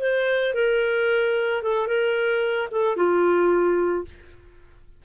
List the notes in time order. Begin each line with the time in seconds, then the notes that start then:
0.00 C5
0.54 A#4
1.62 A4
1.87 A#4
2.71 A4
2.96 F4